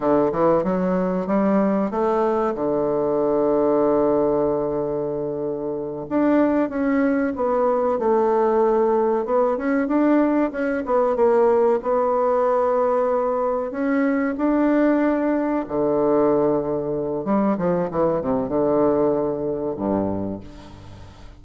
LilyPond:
\new Staff \with { instrumentName = "bassoon" } { \time 4/4 \tempo 4 = 94 d8 e8 fis4 g4 a4 | d1~ | d4. d'4 cis'4 b8~ | b8 a2 b8 cis'8 d'8~ |
d'8 cis'8 b8 ais4 b4.~ | b4. cis'4 d'4.~ | d'8 d2~ d8 g8 f8 | e8 c8 d2 g,4 | }